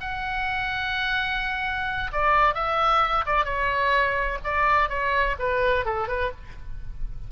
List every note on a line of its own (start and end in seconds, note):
0.00 2.11 F#5
2.12 2.54 D5
2.54 3.24 E5
3.26 3.44 D5
3.44 4.38 C#5
4.44 4.89 D5
4.89 5.36 C#5
5.38 5.85 B4
5.85 6.08 A4
6.08 6.31 B4